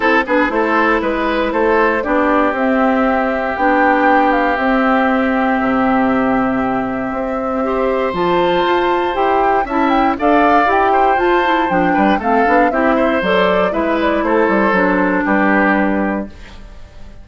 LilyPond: <<
  \new Staff \with { instrumentName = "flute" } { \time 4/4 \tempo 4 = 118 a'8 b'8 c''4 b'4 c''4 | d''4 e''2 g''4~ | g''8 f''8 e''2.~ | e''1 |
a''2 g''4 a''8 g''8 | f''4 g''4 a''4 g''4 | f''4 e''4 d''4 e''8 d''8 | c''2 b'2 | }
  \new Staff \with { instrumentName = "oboe" } { \time 4/4 a'8 gis'8 a'4 b'4 a'4 | g'1~ | g'1~ | g'2. c''4~ |
c''2. e''4 | d''4. c''2 b'8 | a'4 g'8 c''4. b'4 | a'2 g'2 | }
  \new Staff \with { instrumentName = "clarinet" } { \time 4/4 e'8 d'8 e'2. | d'4 c'2 d'4~ | d'4 c'2.~ | c'2. g'4 |
f'2 g'4 e'4 | a'4 g'4 f'8 e'8 d'4 | c'8 d'8 e'4 a'4 e'4~ | e'4 d'2. | }
  \new Staff \with { instrumentName = "bassoon" } { \time 4/4 c'8 b8 a4 gis4 a4 | b4 c'2 b4~ | b4 c'2 c4~ | c2 c'2 |
f4 f'4 e'4 cis'4 | d'4 e'4 f'4 f8 g8 | a8 b8 c'4 fis4 gis4 | a8 g8 fis4 g2 | }
>>